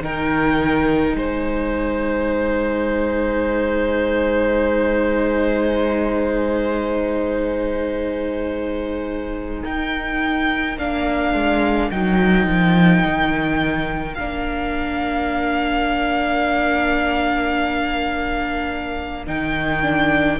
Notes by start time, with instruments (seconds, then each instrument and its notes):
0.00 cello D#3, viola D#4, violin A#4 G5
1.14 cello G#3, violin C5 G#5
9.63 cello D#4, violin A#4 G5
10.77 cello A#3, viola D4, violin F5
11.33 cello G#3
11.90 cello F#3, viola D#4, violin G5
12.46 cello F3
13.05 cello D#3
14.14 cello A#3, viola D4, violin F5
19.26 cello D#3, viola D#4, violin G5
19.82 viola D4